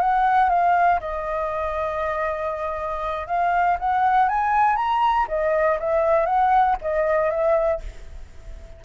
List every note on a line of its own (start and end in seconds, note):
0.00 0.49 F#5
0.49 1.00 F5
1.00 3.27 D#5
3.27 3.77 F5
3.79 4.29 F#5
4.29 4.76 G#5
4.76 5.27 A#5
5.28 5.78 D#5
5.79 6.26 E5
6.26 6.76 F#5
6.82 7.30 D#5
7.30 7.81 E5